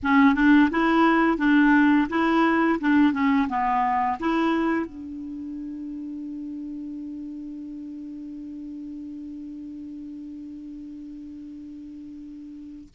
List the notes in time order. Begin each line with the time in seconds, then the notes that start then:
0.03 C#4
0.35 D4
0.70 E4
1.37 D4
2.09 E4
2.80 D4
3.12 C#4
3.48 B3
4.19 E4
4.86 D4